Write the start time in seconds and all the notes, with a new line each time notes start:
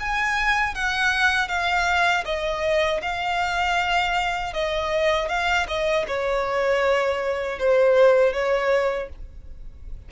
0.00 G#5
0.75 F#5
1.48 F5
2.25 D#5
3.02 F5
4.54 D#5
5.29 F5
5.68 D#5
6.08 C#5
7.59 C5
8.33 C#5